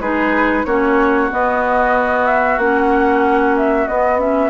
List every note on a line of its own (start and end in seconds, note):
0.00 0.65 G#3
0.00 0.67 D#4
0.00 0.67 G#4
0.00 0.65 B4
0.65 1.31 A#3
0.65 1.31 C#4
0.65 4.50 F#4
0.65 1.30 C#5
1.31 2.60 B3
1.31 2.58 B3
1.31 2.26 D#5
2.26 2.59 E5
2.58 3.87 A#3
2.58 3.89 C#4
2.58 3.55 F#5
3.57 3.88 E5
3.88 4.50 B3
3.88 4.19 B3
3.88 4.20 D#5
4.19 4.50 C#4
4.19 4.50 E5